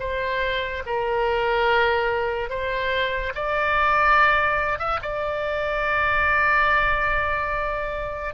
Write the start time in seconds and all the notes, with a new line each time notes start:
0.00 C5
0.86 A#4
2.50 C5
3.35 D5
4.79 E5
5.02 D5